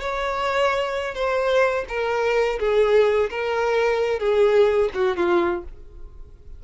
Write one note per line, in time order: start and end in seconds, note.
0.00 1.14 C#5
1.14 1.85 C5
1.88 2.59 A#4
2.59 3.29 G#4
3.30 4.19 A#4
4.19 4.90 G#4
4.94 5.16 F#4
5.16 5.63 F4